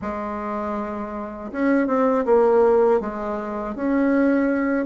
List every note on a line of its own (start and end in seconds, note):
0.01 1.51 G#3
1.52 1.87 C#4
1.87 2.24 C4
2.25 3.00 A#3
3.00 3.75 G#3
3.75 4.85 C#4